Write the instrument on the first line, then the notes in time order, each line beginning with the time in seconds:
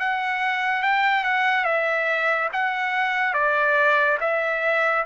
trumpet
0.00 F#5
0.83 G5
1.24 F#5
1.65 E5
2.53 F#5
3.34 D5
4.21 E5